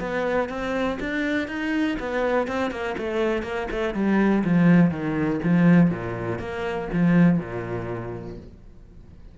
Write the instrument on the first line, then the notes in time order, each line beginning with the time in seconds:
cello
0.00 B3
0.49 C4
1.00 D4
1.48 D#4
2.00 B3
2.47 C4
2.71 A#3
2.98 A3
3.43 A#3
3.71 A3
3.94 G3
4.44 F3
4.91 D#3
5.44 F3
5.90 A#2
6.39 A#3
6.93 F3
7.39 A#2